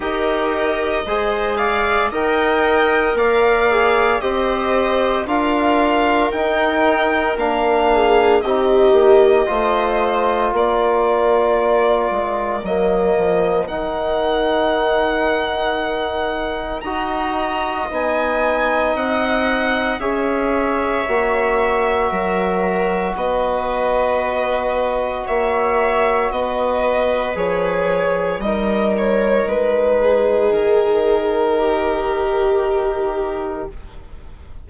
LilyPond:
<<
  \new Staff \with { instrumentName = "violin" } { \time 4/4 \tempo 4 = 57 dis''4. f''8 g''4 f''4 | dis''4 f''4 g''4 f''4 | dis''2 d''2 | dis''4 fis''2. |
ais''4 gis''4 fis''4 e''4~ | e''2 dis''2 | e''4 dis''4 cis''4 dis''8 cis''8 | b'4 ais'2. | }
  \new Staff \with { instrumentName = "viola" } { \time 4/4 ais'4 c''8 d''8 dis''4 d''4 | c''4 ais'2~ ais'8 gis'8 | g'4 c''4 ais'2~ | ais'1 |
dis''2. cis''4~ | cis''4 ais'4 b'2 | cis''4 b'2 ais'4~ | ais'8 gis'4. g'2 | }
  \new Staff \with { instrumentName = "trombone" } { \time 4/4 g'4 gis'4 ais'4. gis'8 | g'4 f'4 dis'4 d'4 | dis'4 f'2. | ais4 dis'2. |
fis'4 dis'2 gis'4 | fis'1~ | fis'2 gis'4 dis'4~ | dis'1 | }
  \new Staff \with { instrumentName = "bassoon" } { \time 4/4 dis'4 gis4 dis'4 ais4 | c'4 d'4 dis'4 ais4 | c'8 ais8 a4 ais4. gis8 | fis8 f8 dis2. |
dis'4 b4 c'4 cis'4 | ais4 fis4 b2 | ais4 b4 f4 g4 | gis4 dis2. | }
>>